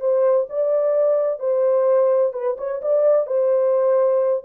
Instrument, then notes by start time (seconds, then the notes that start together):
horn
0.00 C5
0.49 D5
1.40 C5
2.33 B4
2.58 C#5
2.82 D5
3.27 C5